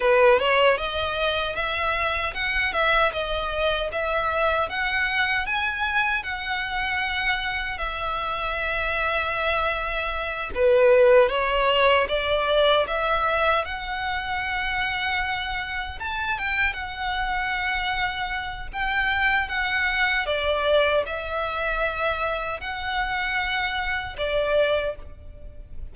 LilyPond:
\new Staff \with { instrumentName = "violin" } { \time 4/4 \tempo 4 = 77 b'8 cis''8 dis''4 e''4 fis''8 e''8 | dis''4 e''4 fis''4 gis''4 | fis''2 e''2~ | e''4. b'4 cis''4 d''8~ |
d''8 e''4 fis''2~ fis''8~ | fis''8 a''8 g''8 fis''2~ fis''8 | g''4 fis''4 d''4 e''4~ | e''4 fis''2 d''4 | }